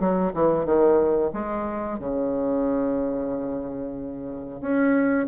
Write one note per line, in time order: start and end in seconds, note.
0.00 0.33 F#3
0.34 0.66 E3
0.66 1.32 D#3
1.33 1.99 G#3
1.99 4.61 C#3
4.61 5.27 C#4